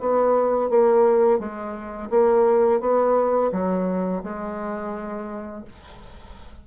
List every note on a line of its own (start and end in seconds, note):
0.00 0.69 B3
0.69 1.39 A#3
1.39 2.10 G#3
2.10 2.80 A#3
2.80 3.51 B3
3.52 4.23 F#3
4.23 5.64 G#3